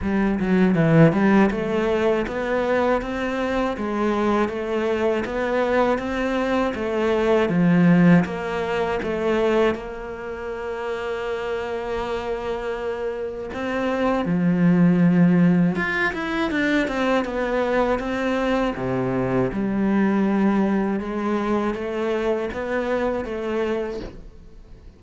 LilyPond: \new Staff \with { instrumentName = "cello" } { \time 4/4 \tempo 4 = 80 g8 fis8 e8 g8 a4 b4 | c'4 gis4 a4 b4 | c'4 a4 f4 ais4 | a4 ais2.~ |
ais2 c'4 f4~ | f4 f'8 e'8 d'8 c'8 b4 | c'4 c4 g2 | gis4 a4 b4 a4 | }